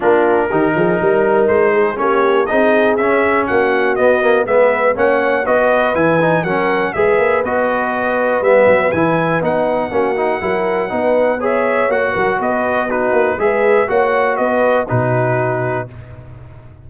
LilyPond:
<<
  \new Staff \with { instrumentName = "trumpet" } { \time 4/4 \tempo 4 = 121 ais'2. c''4 | cis''4 dis''4 e''4 fis''4 | dis''4 e''4 fis''4 dis''4 | gis''4 fis''4 e''4 dis''4~ |
dis''4 e''4 gis''4 fis''4~ | fis''2. e''4 | fis''4 dis''4 b'4 e''4 | fis''4 dis''4 b'2 | }
  \new Staff \with { instrumentName = "horn" } { \time 4/4 f'4 g'8 gis'8 ais'4. gis'8 | g'4 gis'2 fis'4~ | fis'4 b'4 cis''4 b'4~ | b'4 ais'4 b'2~ |
b'1 | fis'4 ais'4 b'4 cis''4~ | cis''8 ais'8 b'4 fis'4 b'4 | cis''4 b'4 fis'2 | }
  \new Staff \with { instrumentName = "trombone" } { \time 4/4 d'4 dis'2. | cis'4 dis'4 cis'2 | b8 ais8 b4 cis'4 fis'4 | e'8 dis'8 cis'4 gis'4 fis'4~ |
fis'4 b4 e'4 dis'4 | cis'8 dis'8 e'4 dis'4 gis'4 | fis'2 dis'4 gis'4 | fis'2 dis'2 | }
  \new Staff \with { instrumentName = "tuba" } { \time 4/4 ais4 dis8 f8 g4 gis4 | ais4 c'4 cis'4 ais4 | b4 gis4 ais4 b4 | e4 fis4 gis8 ais8 b4~ |
b4 g8 fis8 e4 b4 | ais4 fis4 b2 | ais8 fis8 b4. ais8 gis4 | ais4 b4 b,2 | }
>>